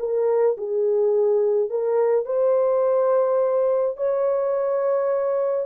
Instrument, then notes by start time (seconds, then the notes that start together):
horn
0.00 A#4
0.58 G#4
1.70 A#4
2.26 C5
3.98 C#5